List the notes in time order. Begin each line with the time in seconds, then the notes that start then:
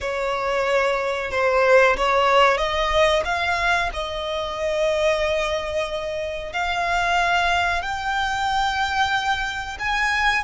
0.00 C#5
1.31 C5
1.96 C#5
2.57 D#5
3.24 F5
3.93 D#5
6.52 F5
7.81 G5
9.79 G#5